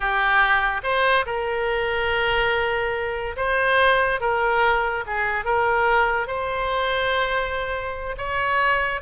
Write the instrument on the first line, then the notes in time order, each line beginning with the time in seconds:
oboe
0.00 G4
0.83 C5
1.26 A#4
3.36 C5
4.20 A#4
5.06 G#4
5.44 A#4
6.27 C5
8.17 C#5